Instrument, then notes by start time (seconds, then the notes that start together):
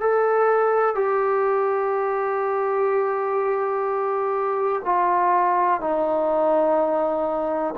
trombone
0.00 A4
0.95 G4
4.85 F4
5.81 D#4